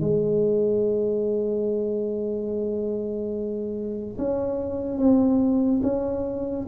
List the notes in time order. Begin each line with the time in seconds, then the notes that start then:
0.00 G#3
4.17 C#4
4.98 C4
5.83 C#4